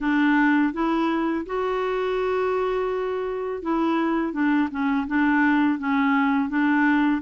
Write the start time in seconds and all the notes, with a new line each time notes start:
0.00 D4
0.73 E4
1.46 F#4
3.62 E4
4.32 D4
4.70 C#4
5.07 D4
5.78 C#4
6.49 D4